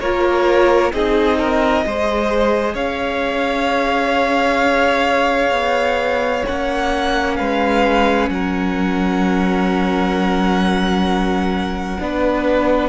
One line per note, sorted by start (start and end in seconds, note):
0.00 0.92 A#3
0.00 0.92 F4
0.00 0.93 A#4
0.00 0.92 C#5
0.92 1.85 C4
0.92 1.84 D#4
0.92 1.39 G#4
0.92 2.76 D#5
1.39 1.85 A#4
1.84 2.74 G#3
1.84 6.45 G#4
1.84 2.74 C5
2.74 5.51 C#4
2.74 7.36 C#5
2.74 6.45 F5
5.51 6.43 B3
6.45 7.39 A#3
6.45 11.99 C#4
6.45 7.36 F#5
7.36 8.29 G#3
7.36 8.31 B4
7.36 8.29 F5
8.29 11.98 F#3
8.29 12.02 A#4
8.29 12.89 F#5
11.99 12.89 B3
11.99 12.89 D4
11.99 12.89 B4